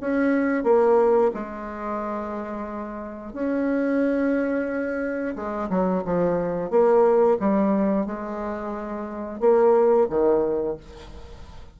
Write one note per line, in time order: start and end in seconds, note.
0.00 0.63 C#4
0.63 1.31 A#3
1.34 3.33 G#3
3.33 5.35 C#4
5.35 5.69 G#3
5.69 6.03 F#3
6.04 6.70 F3
6.70 7.37 A#3
7.39 8.06 G3
8.06 9.40 G#3
9.40 10.07 A#3
10.09 10.77 D#3